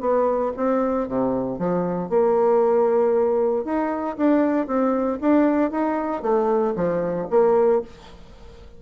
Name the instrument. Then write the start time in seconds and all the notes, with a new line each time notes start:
bassoon
0.00 B3
0.56 C4
1.08 C3
1.58 F3
2.09 A#3
3.64 D#4
4.16 D4
4.66 C4
5.21 D4
5.70 D#4
6.22 A3
6.75 F3
7.30 A#3